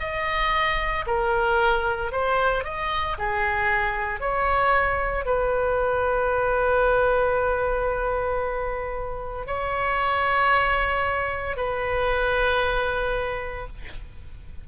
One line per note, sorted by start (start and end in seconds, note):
0.00 1.05 D#5
1.07 2.12 A#4
2.12 2.65 C5
2.65 3.17 D#5
3.18 4.20 G#4
4.20 5.25 C#5
5.26 9.47 B4
9.47 11.56 C#5
11.56 13.67 B4